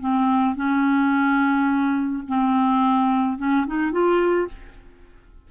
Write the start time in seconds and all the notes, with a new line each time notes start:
0.00 C4
0.56 C#4
2.28 C4
3.38 C#4
3.67 D#4
3.92 F4